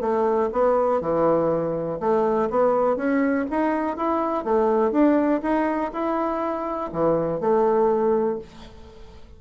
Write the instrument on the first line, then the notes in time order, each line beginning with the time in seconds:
bassoon
0.00 A3
0.52 B3
1.01 E3
2.00 A3
2.50 B3
2.96 C#4
3.50 D#4
3.97 E4
4.44 A3
4.91 D4
5.42 D#4
5.92 E4
6.92 E3
7.40 A3